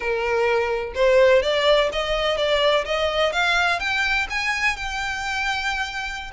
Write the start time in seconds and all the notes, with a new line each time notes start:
0.00 A#4
0.94 C5
1.42 D5
1.92 D#5
2.37 D5
2.85 D#5
3.32 F5
3.79 G5
4.30 G#5
4.76 G5